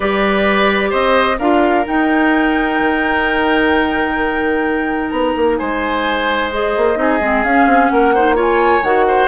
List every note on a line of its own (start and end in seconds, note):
0.00 0.92 G3
0.00 1.37 G4
0.00 0.89 B4
0.00 0.92 D5
0.89 1.39 C4
0.89 1.36 C5
0.89 1.38 D#5
1.38 1.85 D4
1.38 1.84 F4
1.38 5.57 A#4
1.38 1.85 F5
1.84 6.49 D#4
1.84 2.79 D#4
1.84 5.09 G5
2.79 5.11 D#3
5.09 5.34 B3
5.09 5.56 A#5
5.36 5.59 A#3
5.57 6.76 G#3
5.57 6.98 C5
5.57 6.50 G#5
6.51 6.95 G#4
6.51 7.44 D#5
6.76 6.96 A#3
6.95 7.19 C4
6.95 7.18 D#4
6.95 7.92 G#4
7.20 7.44 G#3
7.20 7.45 C4
7.44 7.66 C#4
7.44 8.16 C#4
7.44 7.88 F5
7.66 7.89 C4
7.88 8.82 A#3
7.88 8.14 A#4
7.88 8.35 F#5
8.14 8.34 D#4
8.14 8.35 C5
8.34 8.81 F4
8.34 9.05 C#5
8.41 8.83 G#5
8.82 9.28 D#3
8.82 9.28 F#4
8.82 9.28 F#5
9.07 9.28 C5